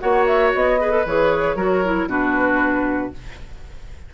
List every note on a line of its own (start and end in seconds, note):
0.00 0.55 A#3
0.00 0.78 F#4
0.00 0.81 C#5
0.00 0.26 F#5
0.27 0.53 E5
0.55 1.06 B3
0.55 1.07 D#5
0.81 0.91 G#4
0.81 1.57 B4
0.91 1.04 A4
1.06 1.56 E3
1.06 1.58 G#4
1.06 2.10 C#5
1.56 2.06 F#3
1.56 1.84 F#4
1.56 2.09 A#4
1.85 2.09 E4
2.06 3.11 B2
2.06 3.13 D4
2.06 3.14 F#4
2.06 3.14 B4